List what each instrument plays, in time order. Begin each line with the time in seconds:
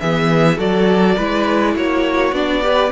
0.00 cello E3, viola B3, violin G#4 E5
0.56 cello F#3, viola F#4, violin A4 D5
1.16 cello G#3, viola E4, violin B4
1.74 cello A#3, violin F#4 C#5
2.32 cello B3, viola D4, violin D5
2.62 viola G4, violin B4